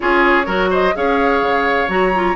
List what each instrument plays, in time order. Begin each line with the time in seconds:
0.00 bassoon C#4, clarinet F4, oboe G#4, flute C#5
0.45 bassoon F#3, clarinet F#4, oboe A#4
0.70 oboe C5, flute D#5
0.94 bassoon C#4, clarinet G#4, oboe C#5, flute F5
1.41 bassoon C#3
1.88 bassoon F#3, clarinet F#4, flute A#5
2.14 clarinet F4